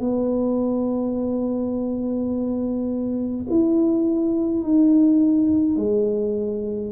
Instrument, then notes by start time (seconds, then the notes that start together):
tuba
0.00 B3
3.50 E4
4.63 D#4
5.77 G#3